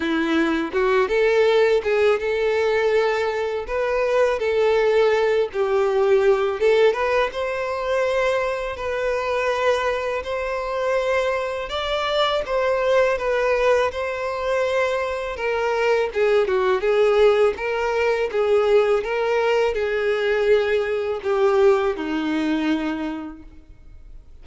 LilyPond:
\new Staff \with { instrumentName = "violin" } { \time 4/4 \tempo 4 = 82 e'4 fis'8 a'4 gis'8 a'4~ | a'4 b'4 a'4. g'8~ | g'4 a'8 b'8 c''2 | b'2 c''2 |
d''4 c''4 b'4 c''4~ | c''4 ais'4 gis'8 fis'8 gis'4 | ais'4 gis'4 ais'4 gis'4~ | gis'4 g'4 dis'2 | }